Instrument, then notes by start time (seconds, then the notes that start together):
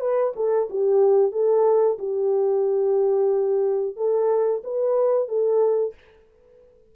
horn
0.00 B4
0.35 A4
0.69 G4
1.32 A4
1.98 G4
3.96 A4
4.63 B4
5.28 A4